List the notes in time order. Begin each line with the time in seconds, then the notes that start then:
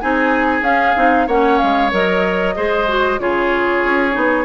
0.00 C4 D#4 G#4 G#5
0.61 C#4 F5
0.95 C4 D#4
1.26 A#3 C#4 C#5 F#5
1.58 G#3 F5
1.91 F#3 A#4 D#5
2.55 G#3 G#4 C5
2.87 F#4
3.19 C#3 F4 G#4 C#5
3.84 C#4
4.11 B3 D#4